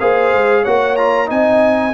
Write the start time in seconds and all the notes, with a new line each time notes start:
0.00 A#3 G#4 C5 F5
0.33 G#3
0.63 A#3 F#4 C#5 F#5
0.96 F4 A#5
1.26 C4 D#4 D#5 G#5